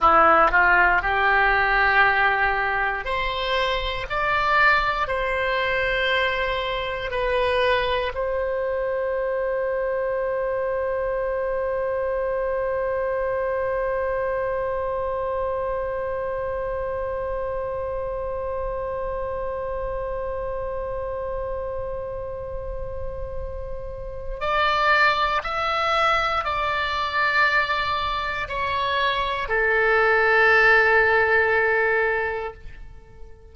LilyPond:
\new Staff \with { instrumentName = "oboe" } { \time 4/4 \tempo 4 = 59 e'8 f'8 g'2 c''4 | d''4 c''2 b'4 | c''1~ | c''1~ |
c''1~ | c''1 | d''4 e''4 d''2 | cis''4 a'2. | }